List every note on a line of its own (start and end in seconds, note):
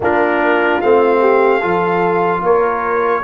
0.00 0.81 A#3
0.00 0.82 D4
0.00 1.20 F4
0.00 0.81 A#4
0.81 1.63 A3
0.81 1.60 C4
0.81 2.43 F5
1.20 1.60 G4
1.60 2.42 F3
1.60 3.23 F4
1.60 2.41 A4
2.42 3.23 A#3
2.42 3.24 A#4
2.42 3.24 C#5